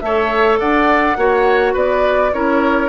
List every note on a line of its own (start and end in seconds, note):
0.00 0.60 A3
0.00 1.18 A4
0.00 0.60 C#5
0.00 0.58 E5
0.60 1.17 D4
0.60 1.18 D5
0.60 1.75 F#5
1.17 1.75 A#3
1.17 2.33 F#4
1.17 1.74 C#5
1.74 2.33 B3
1.74 2.31 B4
1.74 2.34 D5
2.33 2.89 C#4
2.33 2.89 E4
2.33 2.89 A#4
2.33 2.89 C#5